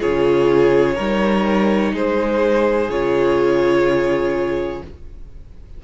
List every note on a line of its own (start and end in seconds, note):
0.00 0.98 C#3
0.00 0.97 F4
0.00 0.96 G#4
0.00 1.95 C#5
0.96 1.93 G3
0.96 2.91 D#4
0.96 1.92 A#4
1.93 2.89 G#3
1.93 4.83 G#4
1.93 2.91 C5
2.89 4.82 C#3
2.89 4.84 F4
2.89 4.84 C#5